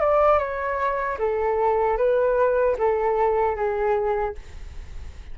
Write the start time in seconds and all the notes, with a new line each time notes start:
0.00 D5
0.39 C#5
1.18 A4
1.97 B4
2.78 A4
3.56 G#4